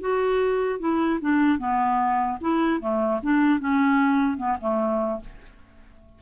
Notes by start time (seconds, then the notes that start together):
0.00 F#4
0.79 E4
1.21 D4
1.58 B3
2.40 E4
2.80 A3
3.22 D4
3.59 C#4
4.37 B3
4.60 A3